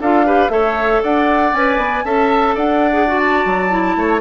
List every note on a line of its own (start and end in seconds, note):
0.00 0.49 D4
0.00 0.25 F4
0.00 0.25 A4
0.00 0.50 F5
0.25 0.49 G4
0.25 0.51 B4
0.49 1.00 A3
0.49 1.52 A4
0.49 1.02 C#5
0.49 1.01 E5
1.02 1.53 D4
1.02 2.05 D5
1.02 1.54 F#5
1.53 1.77 C#4
1.53 2.05 B4
1.53 2.05 G#5
1.77 2.03 B3
2.04 2.55 C#4
2.04 2.92 A4
2.04 2.55 E5
2.04 2.56 A5
2.55 3.45 D4
2.55 3.96 D5
2.55 3.18 F#5
2.92 3.05 G#4
3.07 3.69 F#4
3.18 4.21 A5
3.45 3.95 F#3
3.69 4.20 E4
3.95 4.21 A3
3.95 4.21 C#5